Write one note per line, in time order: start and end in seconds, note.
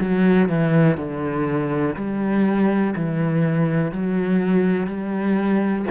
0.00 0.48 F#3
0.48 0.97 E3
0.97 1.95 D3
1.96 2.94 G3
2.96 3.91 E3
3.91 4.86 F#3
4.86 5.85 G3